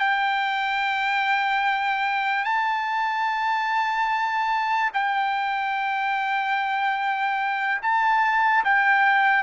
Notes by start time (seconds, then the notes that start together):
0.00 G5
2.45 A5
4.94 G5
7.82 A5
8.65 G5